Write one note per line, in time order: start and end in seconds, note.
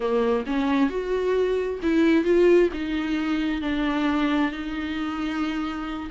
0.00 0.44 A#3
0.46 0.89 C#4
0.89 1.79 F#4
1.82 2.24 E4
2.24 2.69 F4
2.73 3.61 D#4
3.61 4.51 D4
4.51 6.09 D#4